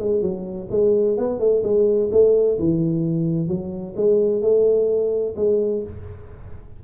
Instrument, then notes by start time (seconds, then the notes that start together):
tuba
0.00 G#3
0.22 F#3
0.71 G#3
1.18 B3
1.40 A3
1.64 G#3
2.12 A3
2.59 E3
3.48 F#3
3.96 G#3
4.42 A3
5.36 G#3